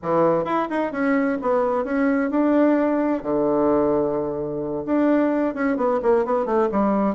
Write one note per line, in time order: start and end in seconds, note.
0.02 0.44 E3
0.44 0.68 E4
0.69 0.92 D#4
0.92 1.38 C#4
1.41 1.84 B3
1.84 2.30 C#4
2.30 3.22 D4
3.22 4.84 D3
4.85 5.54 D4
5.54 5.77 C#4
5.77 6.00 B3
6.02 6.25 A#3
6.25 6.45 B3
6.45 6.68 A3
6.71 7.15 G3